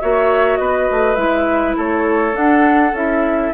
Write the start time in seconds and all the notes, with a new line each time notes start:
0.00 A#3 F#4 C#5 E5
0.56 B3 B4 D#5
0.91 A3
1.15 G#3 E4 E5
1.77 A3 A4 C#5
2.32 D4 F#5
2.93 C#4 E4 E5